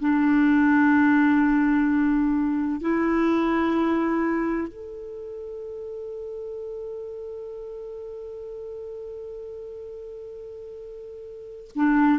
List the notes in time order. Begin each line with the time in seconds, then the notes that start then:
0.00 D4
2.81 E4
4.68 A4
11.76 D4